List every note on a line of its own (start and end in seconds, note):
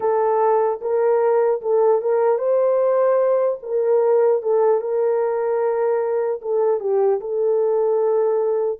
0.00 0.80 A4
0.81 1.61 A#4
1.61 2.01 A4
2.01 2.38 A#4
2.38 3.58 C5
3.62 4.42 A#4
4.42 4.80 A4
4.80 6.40 A#4
6.41 6.80 A4
6.80 7.20 G4
7.20 8.79 A4